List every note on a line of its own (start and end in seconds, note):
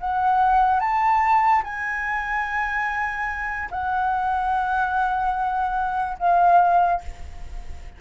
0.00 0.80 F#5
0.80 1.62 A5
1.64 3.69 G#5
3.71 6.18 F#5
6.19 7.01 F5